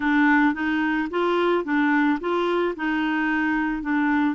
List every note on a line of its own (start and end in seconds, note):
0.00 0.54 D4
0.54 1.08 D#4
1.10 1.64 F4
1.64 2.18 D4
2.20 2.74 F4
2.76 3.82 D#4
3.82 4.35 D4